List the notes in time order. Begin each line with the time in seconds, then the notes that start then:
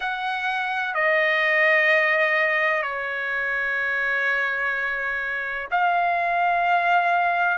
0.00 F#5
0.94 D#5
2.82 C#5
5.71 F5